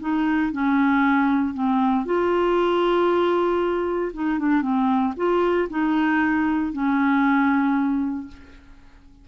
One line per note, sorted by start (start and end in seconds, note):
0.00 0.52 D#4
0.52 1.54 C#4
1.54 2.05 C4
2.05 4.12 F4
4.13 4.39 D#4
4.39 4.62 D4
4.62 5.13 C4
5.16 5.68 F4
5.70 6.73 D#4
6.73 8.28 C#4